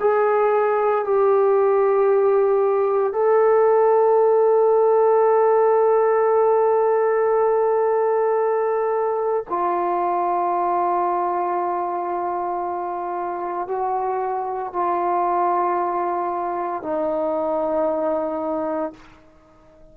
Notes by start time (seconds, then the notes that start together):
0.00 G#4
1.04 G4
3.13 A4
9.49 F4
13.67 F#4
14.73 F4
16.83 D#4